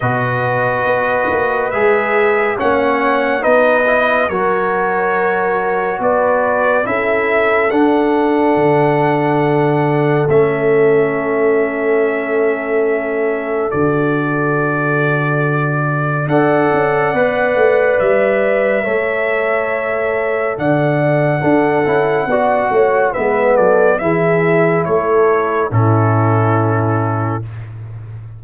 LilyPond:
<<
  \new Staff \with { instrumentName = "trumpet" } { \time 4/4 \tempo 4 = 70 dis''2 e''4 fis''4 | dis''4 cis''2 d''4 | e''4 fis''2. | e''1 |
d''2. fis''4~ | fis''4 e''2. | fis''2. e''8 d''8 | e''4 cis''4 a'2 | }
  \new Staff \with { instrumentName = "horn" } { \time 4/4 b'2. cis''4 | b'4 ais'2 b'4 | a'1~ | a'1~ |
a'2. d''4~ | d''2 cis''2 | d''4 a'4 d''8 cis''8 b'8 a'8 | gis'4 a'4 e'2 | }
  \new Staff \with { instrumentName = "trombone" } { \time 4/4 fis'2 gis'4 cis'4 | dis'8 e'8 fis'2. | e'4 d'2. | cis'1 |
fis'2. a'4 | b'2 a'2~ | a'4 d'8 e'8 fis'4 b4 | e'2 cis'2 | }
  \new Staff \with { instrumentName = "tuba" } { \time 4/4 b,4 b8 ais8 gis4 ais4 | b4 fis2 b4 | cis'4 d'4 d2 | a1 |
d2. d'8 cis'8 | b8 a8 g4 a2 | d4 d'8 cis'8 b8 a8 gis8 fis8 | e4 a4 a,2 | }
>>